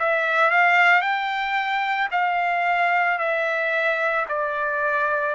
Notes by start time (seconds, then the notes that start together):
0.00 E5
0.51 F5
1.02 G5
2.12 F5
3.19 E5
4.29 D5